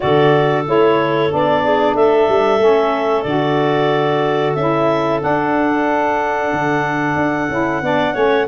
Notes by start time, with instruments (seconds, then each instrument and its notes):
0.00 tuba D3, saxophone F#4, clarinet A4 D5
0.66 tuba A3, saxophone E4, clarinet C#5
1.29 tuba B3, saxophone D4, clarinet D5
1.64 clarinet G#4
1.94 tuba A3, clarinet A4 E5
2.28 tuba G3
2.59 tuba A3, saxophone C#4
3.22 tuba D3, saxophone F#4, clarinet D5
4.54 tuba C#4, saxophone E4, clarinet E5
5.20 saxophone D4, tuba D4, clarinet F#5
6.52 tuba D3
7.15 tuba D4
7.49 tuba C#4, saxophone E4
7.81 tuba B3, saxophone D4, clarinet D5
8.13 tuba A3, saxophone C#4, clarinet C#5